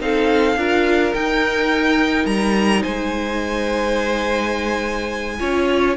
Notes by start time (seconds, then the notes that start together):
0.00 C4 D#4 A4 F5
0.56 D4 F4 A#4
1.14 D#4 G5
2.26 G3 A#5
2.82 G#3 C5 G#5
5.40 C#4 F4 C#5